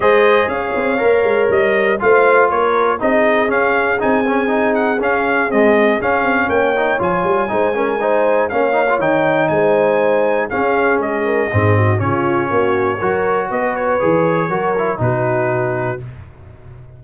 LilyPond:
<<
  \new Staff \with { instrumentName = "trumpet" } { \time 4/4 \tempo 4 = 120 dis''4 f''2 dis''4 | f''4 cis''4 dis''4 f''4 | gis''4. fis''8 f''4 dis''4 | f''4 g''4 gis''2~ |
gis''4 f''4 g''4 gis''4~ | gis''4 f''4 dis''2 | cis''2. dis''8 cis''8~ | cis''2 b'2 | }
  \new Staff \with { instrumentName = "horn" } { \time 4/4 c''4 cis''2. | c''4 ais'4 gis'2~ | gis'1~ | gis'4 cis''2 c''8 ais'8 |
c''4 cis''2 c''4~ | c''4 gis'4. ais'8 gis'8 fis'8 | f'4 fis'4 ais'4 b'4~ | b'4 ais'4 fis'2 | }
  \new Staff \with { instrumentName = "trombone" } { \time 4/4 gis'2 ais'2 | f'2 dis'4 cis'4 | dis'8 cis'8 dis'4 cis'4 gis4 | cis'4. dis'8 f'4 dis'8 cis'8 |
dis'4 cis'8 dis'16 f'16 dis'2~ | dis'4 cis'2 c'4 | cis'2 fis'2 | gis'4 fis'8 e'8 dis'2 | }
  \new Staff \with { instrumentName = "tuba" } { \time 4/4 gis4 cis'8 c'8 ais8 gis8 g4 | a4 ais4 c'4 cis'4 | c'2 cis'4 c'4 | cis'8 c'8 ais4 f8 g8 gis4~ |
gis4 ais4 dis4 gis4~ | gis4 cis'4 gis4 gis,4 | cis4 ais4 fis4 b4 | e4 fis4 b,2 | }
>>